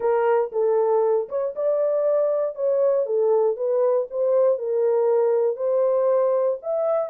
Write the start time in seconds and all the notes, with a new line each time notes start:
0.00 A#4
0.52 A4
1.28 C#5
1.55 D5
2.55 C#5
3.06 A4
3.56 B4
4.10 C5
4.58 A#4
5.56 C5
6.62 E5